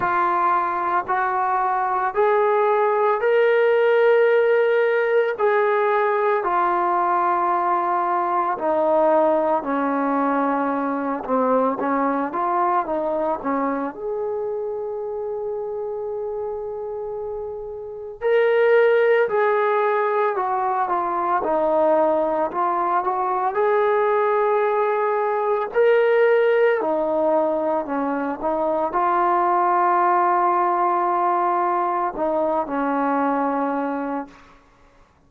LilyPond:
\new Staff \with { instrumentName = "trombone" } { \time 4/4 \tempo 4 = 56 f'4 fis'4 gis'4 ais'4~ | ais'4 gis'4 f'2 | dis'4 cis'4. c'8 cis'8 f'8 | dis'8 cis'8 gis'2.~ |
gis'4 ais'4 gis'4 fis'8 f'8 | dis'4 f'8 fis'8 gis'2 | ais'4 dis'4 cis'8 dis'8 f'4~ | f'2 dis'8 cis'4. | }